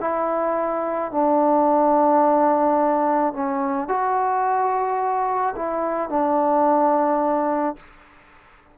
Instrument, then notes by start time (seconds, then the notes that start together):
trombone
0.00 E4
1.11 D4
3.33 C#4
3.88 F#4
5.56 E4
6.09 D4